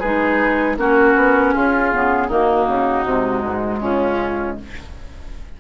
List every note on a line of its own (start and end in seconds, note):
0.00 0.77 G#3
0.00 0.78 D#4
0.00 0.76 G#4
0.00 0.76 B4
0.77 1.15 A#3
0.77 1.91 C#4
0.77 1.54 F#4
0.77 1.54 A#4
1.16 1.53 B3
1.54 1.93 C#4
1.54 2.28 F4
1.54 2.30 G#4
1.91 2.28 C#3
1.91 2.29 B3
2.28 2.66 D#3
2.28 3.05 A#3
2.28 3.79 D#4
2.28 3.81 F#4
2.67 3.05 C#3
3.05 3.43 C3
3.05 4.60 G#3
3.44 3.82 G#2
3.81 4.59 C#3
3.81 4.57 C#4
3.81 4.57 F4